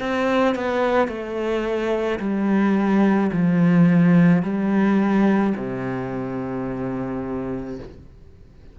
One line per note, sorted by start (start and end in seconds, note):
0.00 0.56 C4
0.56 1.08 B3
1.08 2.19 A3
2.20 3.31 G3
3.33 4.43 F3
4.43 5.54 G3
5.57 7.79 C3